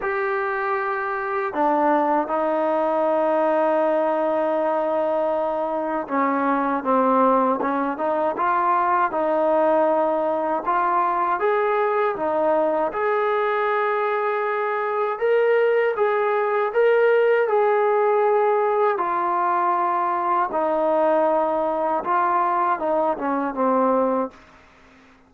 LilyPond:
\new Staff \with { instrumentName = "trombone" } { \time 4/4 \tempo 4 = 79 g'2 d'4 dis'4~ | dis'1 | cis'4 c'4 cis'8 dis'8 f'4 | dis'2 f'4 gis'4 |
dis'4 gis'2. | ais'4 gis'4 ais'4 gis'4~ | gis'4 f'2 dis'4~ | dis'4 f'4 dis'8 cis'8 c'4 | }